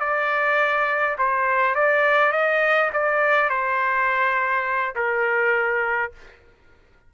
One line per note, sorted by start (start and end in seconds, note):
0.00 1.17 D5
1.18 1.75 C5
1.75 2.32 D5
2.32 2.91 D#5
2.93 3.50 D5
3.50 4.95 C5
4.95 6.12 A#4